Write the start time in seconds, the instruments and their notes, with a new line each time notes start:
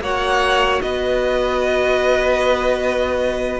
0.00 cello A#3, viola F#4, violin C#5 F#5
0.81 cello B3, violin B4 D#5